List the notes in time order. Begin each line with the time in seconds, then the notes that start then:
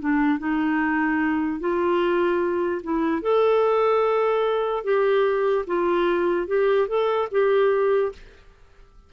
0.00 D4
0.39 D#4
1.60 F4
2.83 E4
3.22 A4
4.84 G4
5.67 F4
6.47 G4
6.88 A4
7.31 G4